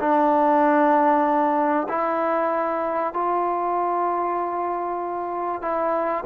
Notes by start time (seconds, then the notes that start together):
0.00 D4
1.89 E4
3.14 F4
5.62 E4